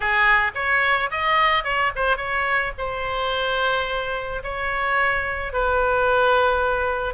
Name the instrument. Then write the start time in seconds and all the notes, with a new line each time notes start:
oboe
0.00 G#4
0.54 C#5
1.11 D#5
1.64 C#5
1.95 C5
2.16 C#5
2.77 C5
4.43 C#5
5.52 B4